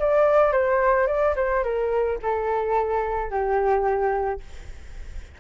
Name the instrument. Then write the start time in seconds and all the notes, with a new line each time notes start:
flute
0.00 D5
0.52 C5
1.07 D5
1.36 C5
1.64 A#4
2.22 A4
3.31 G4